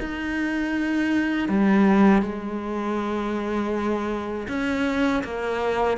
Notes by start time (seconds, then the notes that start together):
0.00 D#4
1.48 G3
2.22 G#3
4.48 C#4
5.24 A#3